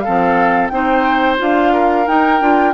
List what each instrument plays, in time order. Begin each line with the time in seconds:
0.00 clarinet C4, oboe A4, flute F5
0.07 bassoon F3
0.68 bassoon C4, clarinet D#4, oboe C5, flute G5
1.37 bassoon D4, clarinet F4, flute F5
1.72 oboe A#4
2.06 clarinet D#4, bassoon D#4, flute G5
2.40 bassoon D4, clarinet F4